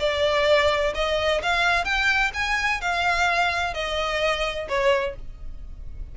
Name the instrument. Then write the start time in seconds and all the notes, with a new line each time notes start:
violin
0.00 D5
0.95 D#5
1.43 F5
1.85 G5
2.34 G#5
2.81 F5
3.74 D#5
4.69 C#5